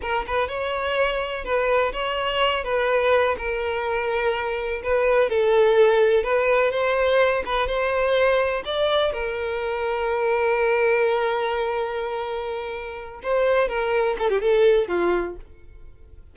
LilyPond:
\new Staff \with { instrumentName = "violin" } { \time 4/4 \tempo 4 = 125 ais'8 b'8 cis''2 b'4 | cis''4. b'4. ais'4~ | ais'2 b'4 a'4~ | a'4 b'4 c''4. b'8 |
c''2 d''4 ais'4~ | ais'1~ | ais'2.~ ais'8 c''8~ | c''8 ais'4 a'16 g'16 a'4 f'4 | }